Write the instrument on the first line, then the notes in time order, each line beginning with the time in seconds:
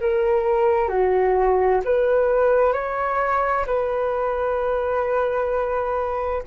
flute
0.00 A#4
0.88 F#4
1.84 B4
2.73 C#5
3.66 B4